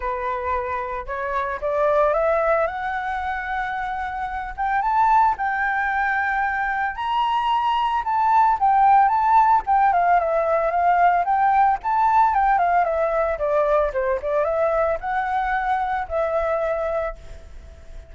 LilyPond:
\new Staff \with { instrumentName = "flute" } { \time 4/4 \tempo 4 = 112 b'2 cis''4 d''4 | e''4 fis''2.~ | fis''8 g''8 a''4 g''2~ | g''4 ais''2 a''4 |
g''4 a''4 g''8 f''8 e''4 | f''4 g''4 a''4 g''8 f''8 | e''4 d''4 c''8 d''8 e''4 | fis''2 e''2 | }